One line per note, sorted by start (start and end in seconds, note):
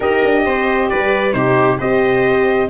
0.00 0.22 D#4
0.00 1.33 G4
0.00 0.44 A#4
0.00 0.89 D#5
0.24 0.46 D4
0.45 0.91 C4
0.45 0.90 C5
0.89 1.34 G3
0.89 1.35 B4
0.89 1.32 D5
1.32 1.79 C3
1.32 1.78 D#4
1.32 1.78 G4
1.32 1.77 C5
1.78 2.69 C4
1.78 2.69 G4
1.78 2.69 C5
1.78 2.69 D#5